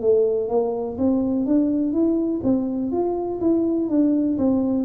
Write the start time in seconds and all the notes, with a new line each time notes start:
0.00 A3
0.48 A#3
0.98 C4
1.45 D4
1.92 E4
2.43 C4
2.92 F4
3.40 E4
3.89 D4
4.37 C4